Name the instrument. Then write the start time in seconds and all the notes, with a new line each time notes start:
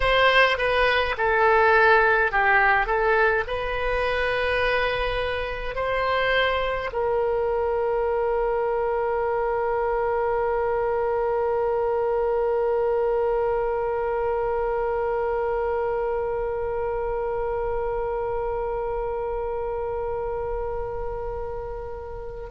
oboe
0.00 C5
0.57 B4
1.17 A4
2.31 G4
2.86 A4
3.47 B4
5.75 C5
6.92 A#4